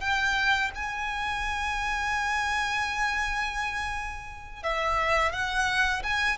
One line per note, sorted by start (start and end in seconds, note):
0.00 0.71 G5
0.75 4.63 G#5
4.63 5.32 E5
5.32 6.03 F#5
6.03 6.37 G#5